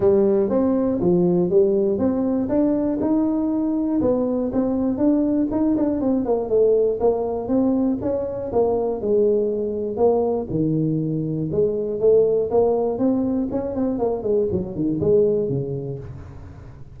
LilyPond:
\new Staff \with { instrumentName = "tuba" } { \time 4/4 \tempo 4 = 120 g4 c'4 f4 g4 | c'4 d'4 dis'2 | b4 c'4 d'4 dis'8 d'8 | c'8 ais8 a4 ais4 c'4 |
cis'4 ais4 gis2 | ais4 dis2 gis4 | a4 ais4 c'4 cis'8 c'8 | ais8 gis8 fis8 dis8 gis4 cis4 | }